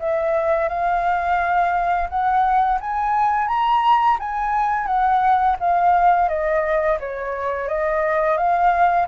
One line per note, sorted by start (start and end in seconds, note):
0.00 0.69 E5
0.69 2.09 F5
2.10 2.79 F#5
2.81 3.48 G#5
3.48 4.18 A#5
4.20 4.87 G#5
4.87 5.57 F#5
5.60 6.29 F5
6.29 6.99 D#5
7.00 7.68 C#5
7.68 8.38 D#5
8.38 9.08 F5